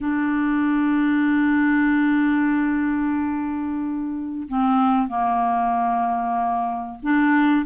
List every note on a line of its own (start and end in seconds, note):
0.00 4.47 D4
4.48 5.07 C4
5.07 6.99 A#3
7.02 7.65 D4